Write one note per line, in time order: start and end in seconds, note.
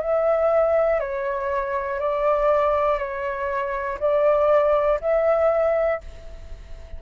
0.00 0.99 E5
0.99 1.99 C#5
1.99 2.98 D5
2.98 3.98 C#5
3.99 4.99 D5
5.00 6.00 E5